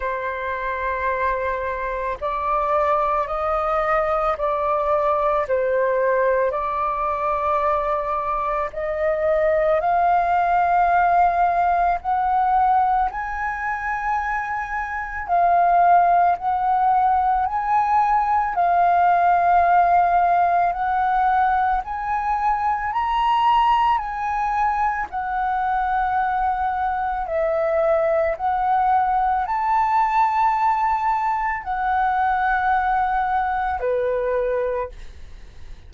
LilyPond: \new Staff \with { instrumentName = "flute" } { \time 4/4 \tempo 4 = 55 c''2 d''4 dis''4 | d''4 c''4 d''2 | dis''4 f''2 fis''4 | gis''2 f''4 fis''4 |
gis''4 f''2 fis''4 | gis''4 ais''4 gis''4 fis''4~ | fis''4 e''4 fis''4 a''4~ | a''4 fis''2 b'4 | }